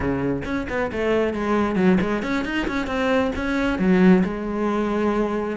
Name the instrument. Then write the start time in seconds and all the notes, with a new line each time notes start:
cello
0.00 C#3
0.44 C#4
0.69 B3
0.92 A3
1.33 G#3
1.75 F#3
2.00 G#3
2.22 C#4
2.44 D#4
2.67 C#4
2.87 C4
3.35 C#4
3.79 F#3
4.23 G#3